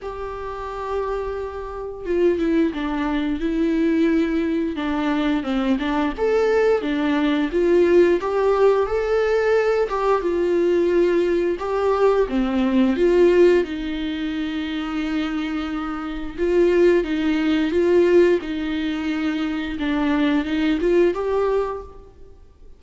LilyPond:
\new Staff \with { instrumentName = "viola" } { \time 4/4 \tempo 4 = 88 g'2. f'8 e'8 | d'4 e'2 d'4 | c'8 d'8 a'4 d'4 f'4 | g'4 a'4. g'8 f'4~ |
f'4 g'4 c'4 f'4 | dis'1 | f'4 dis'4 f'4 dis'4~ | dis'4 d'4 dis'8 f'8 g'4 | }